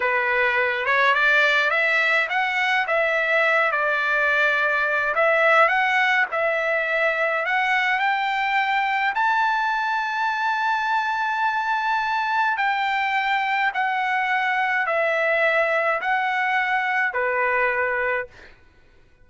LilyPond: \new Staff \with { instrumentName = "trumpet" } { \time 4/4 \tempo 4 = 105 b'4. cis''8 d''4 e''4 | fis''4 e''4. d''4.~ | d''4 e''4 fis''4 e''4~ | e''4 fis''4 g''2 |
a''1~ | a''2 g''2 | fis''2 e''2 | fis''2 b'2 | }